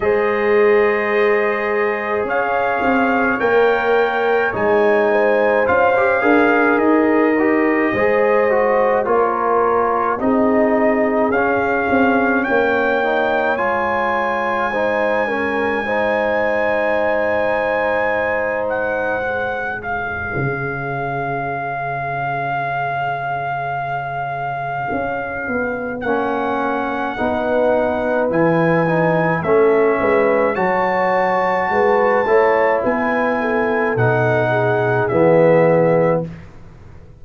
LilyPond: <<
  \new Staff \with { instrumentName = "trumpet" } { \time 4/4 \tempo 4 = 53 dis''2 f''4 g''4 | gis''4 f''4 dis''2 | cis''4 dis''4 f''4 g''4 | gis''1~ |
gis''8 fis''4 f''2~ f''8~ | f''2. fis''4~ | fis''4 gis''4 e''4 a''4~ | a''4 gis''4 fis''4 e''4 | }
  \new Staff \with { instrumentName = "horn" } { \time 4/4 c''2 cis''2~ | cis''8 c''4 ais'4. c''4 | ais'4 gis'2 cis''4~ | cis''4 c''8 ais'8 c''2~ |
c''4. cis''2~ cis''8~ | cis''1 | b'2 a'8 b'8 cis''4 | b'8 cis''8 b'8 a'4 gis'4. | }
  \new Staff \with { instrumentName = "trombone" } { \time 4/4 gis'2. ais'4 | dis'4 f'16 g'16 gis'4 g'8 gis'8 fis'8 | f'4 dis'4 cis'4. dis'8 | f'4 dis'8 cis'8 dis'2~ |
dis'4 gis'2.~ | gis'2. cis'4 | dis'4 e'8 dis'8 cis'4 fis'4~ | fis'8 e'4. dis'4 b4 | }
  \new Staff \with { instrumentName = "tuba" } { \time 4/4 gis2 cis'8 c'8 ais4 | gis4 cis'8 d'8 dis'4 gis4 | ais4 c'4 cis'8 c'8 ais4 | gis1~ |
gis2 cis2~ | cis2 cis'8 b8 ais4 | b4 e4 a8 gis8 fis4 | gis8 a8 b4 b,4 e4 | }
>>